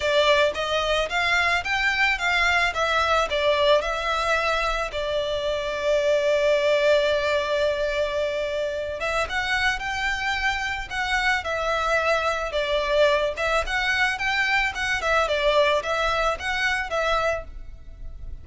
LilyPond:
\new Staff \with { instrumentName = "violin" } { \time 4/4 \tempo 4 = 110 d''4 dis''4 f''4 g''4 | f''4 e''4 d''4 e''4~ | e''4 d''2.~ | d''1~ |
d''8 e''8 fis''4 g''2 | fis''4 e''2 d''4~ | d''8 e''8 fis''4 g''4 fis''8 e''8 | d''4 e''4 fis''4 e''4 | }